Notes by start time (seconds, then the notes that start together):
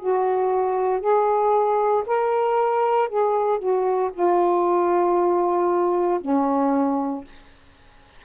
0.00 F#4
1.01 G#4
2.07 A#4
3.09 G#4
3.59 F#4
4.14 F4
6.21 C#4